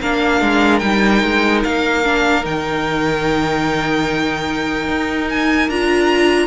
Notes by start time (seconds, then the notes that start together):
0.00 A#3 D4 A#4 F5
0.41 G#3
0.79 G3 D#4 G5
1.23 G#3
1.64 A#3 F5
2.04 D4
2.43 D#3 D#4 G5
4.88 D#4
5.29 G#5
5.69 D4 F4 A#5